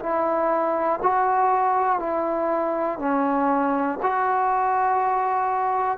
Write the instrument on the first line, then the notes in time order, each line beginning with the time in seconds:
trombone
0.00 E4
1.03 F#4
2.00 E4
2.99 C#4
4.02 F#4